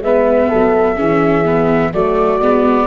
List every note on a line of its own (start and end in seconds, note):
0.00 0.48 G#3
0.00 0.96 B3
0.00 0.49 B4
0.00 1.93 E5
0.49 0.99 F#3
0.49 0.96 A4
0.96 1.93 E3
0.96 1.44 C#4
0.96 1.91 G#4
1.45 1.92 B3
1.92 2.40 F#3
1.92 2.41 A3
1.92 2.86 F#4
1.92 2.86 D5
2.40 2.86 G#3
2.40 2.86 B3